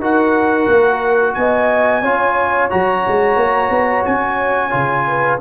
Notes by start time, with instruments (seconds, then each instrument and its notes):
0.00 tuba D#4, trombone F#4, horn A#4, trumpet F#5
0.68 tuba A#3
1.34 tuba B3, horn D#5, trumpet G#5
2.02 tuba C#4, trombone F4, horn C#5
2.70 tuba F#3, trombone F#4, trumpet A#5
3.08 tuba G#3
3.36 tuba A#3
3.70 tuba B3
4.05 tuba C#4, trumpet G#5
4.71 tuba C#3, trombone F4
5.08 horn B4